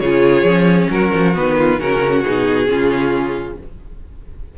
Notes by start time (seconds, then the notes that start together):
0.00 C#3 F4 G#4 C#5
0.43 F3 C#4
0.89 F#3 F#4 A#4
1.15 F3
1.34 D#3 B3 B4
1.58 F4
1.79 C#3 C#4 F#4 A#4
2.22 B2 D#4 G#4
2.67 C#3 C#4 F4